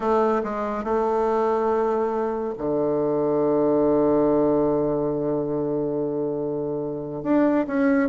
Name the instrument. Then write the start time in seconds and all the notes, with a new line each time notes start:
bassoon
0.00 A3
0.43 G#3
0.83 A3
2.58 D3
7.23 D4
7.67 C#4